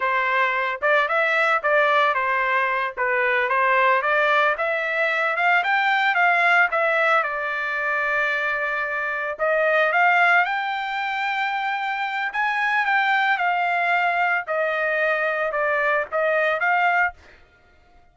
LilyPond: \new Staff \with { instrumentName = "trumpet" } { \time 4/4 \tempo 4 = 112 c''4. d''8 e''4 d''4 | c''4. b'4 c''4 d''8~ | d''8 e''4. f''8 g''4 f''8~ | f''8 e''4 d''2~ d''8~ |
d''4. dis''4 f''4 g''8~ | g''2. gis''4 | g''4 f''2 dis''4~ | dis''4 d''4 dis''4 f''4 | }